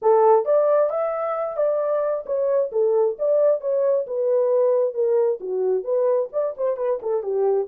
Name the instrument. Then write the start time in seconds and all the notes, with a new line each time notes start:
horn
0.02 A4
0.45 D5
0.89 E5
1.56 D5
2.26 C#5
2.72 A4
3.18 D5
3.60 C#5
4.06 B4
4.94 A#4
5.40 F#4
5.83 B4
6.32 D5
6.57 C5
6.76 B4
7.01 A4
7.22 G4